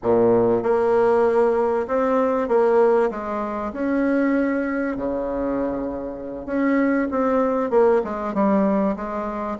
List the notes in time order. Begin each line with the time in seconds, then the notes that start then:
0.03 A#2
0.62 A#3
1.87 C4
2.48 A#3
3.10 G#3
3.73 C#4
4.96 C#3
6.46 C#4
7.10 C4
7.70 A#3
8.04 G#3
8.34 G3
8.96 G#3